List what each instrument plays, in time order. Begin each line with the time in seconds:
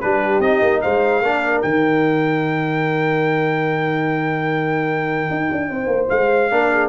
0.00 tuba G3, trombone D4, horn G4, trumpet B4
0.39 tuba C4, trombone D#4, trumpet D#5
0.62 tuba A#3
0.81 tuba G#3, horn C5, trumpet F5
1.21 tuba A#3, trombone D4, horn A#4
1.62 tuba D#3, trombone D#4, trumpet G5
5.30 tuba D#4
5.51 tuba D4
5.70 tuba C4, horn C5
5.87 tuba A#3
6.09 tuba G#3, trumpet F5
6.50 tuba A#3, trombone D4, horn A#4
6.72 horn G#4